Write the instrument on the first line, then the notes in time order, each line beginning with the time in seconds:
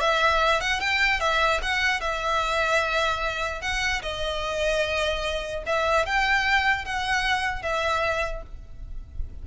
violin
0.00 E5
0.60 F#5
0.80 G5
1.20 E5
1.62 F#5
2.00 E5
3.61 F#5
4.02 D#5
5.66 E5
6.05 G5
6.85 F#5
7.62 E5